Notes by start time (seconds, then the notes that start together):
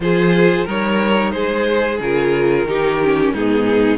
0.00 F3 F4 G#4 C5
0.64 G3 D#4 A#4 C#5
1.31 G#3 G#4 C5
2.00 C#3 F4 A#4
2.65 D#3 D#4 G4
3.03 C#4
3.32 G#2 B3 D#4 G#4